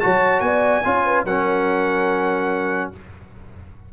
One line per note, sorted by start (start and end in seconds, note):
0.00 0.40 F#3
0.00 0.83 F#4
0.00 0.44 C#5
0.00 0.40 A5
0.40 0.81 B3
0.40 0.86 D5
0.40 1.23 G#5
0.85 1.24 C#4
0.85 1.26 F4
0.85 1.05 C#5
1.05 1.26 B4
1.24 2.90 F#3
1.24 2.93 C#4
1.24 2.92 A#4
1.24 2.91 F#5